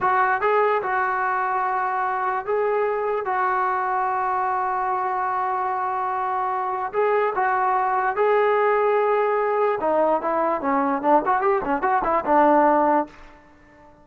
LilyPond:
\new Staff \with { instrumentName = "trombone" } { \time 4/4 \tempo 4 = 147 fis'4 gis'4 fis'2~ | fis'2 gis'2 | fis'1~ | fis'1~ |
fis'4 gis'4 fis'2 | gis'1 | dis'4 e'4 cis'4 d'8 fis'8 | g'8 cis'8 fis'8 e'8 d'2 | }